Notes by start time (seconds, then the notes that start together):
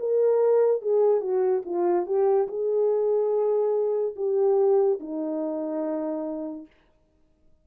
0.00 A#4
0.82 G#4
1.21 F#4
1.65 F4
2.06 G4
2.48 G#4
4.16 G4
5.00 D#4